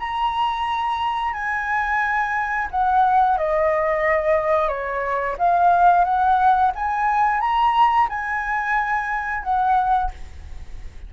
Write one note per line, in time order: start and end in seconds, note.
0.00 1.34 A#5
1.34 2.68 G#5
2.71 3.38 F#5
3.38 4.69 D#5
4.69 5.36 C#5
5.39 6.05 F5
6.05 6.72 F#5
6.76 7.41 G#5
7.41 8.08 A#5
8.10 9.44 G#5
9.44 10.11 F#5